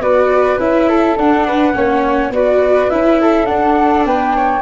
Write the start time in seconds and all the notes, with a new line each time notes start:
0.00 B3 F#4 B4 D5
0.58 C#4 E4 E5
0.89 A4
1.17 D4 F#5
1.47 B4
1.73 A#3 C#4 C#5
2.30 B3 F#4 B4 D5
2.90 C#4 E4 E5
3.21 A4
3.46 D4 F#5
4.05 B3 B4 G5
4.36 C#5